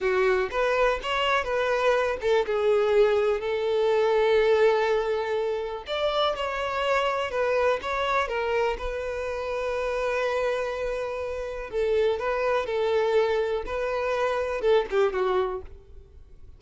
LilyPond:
\new Staff \with { instrumentName = "violin" } { \time 4/4 \tempo 4 = 123 fis'4 b'4 cis''4 b'4~ | b'8 a'8 gis'2 a'4~ | a'1 | d''4 cis''2 b'4 |
cis''4 ais'4 b'2~ | b'1 | a'4 b'4 a'2 | b'2 a'8 g'8 fis'4 | }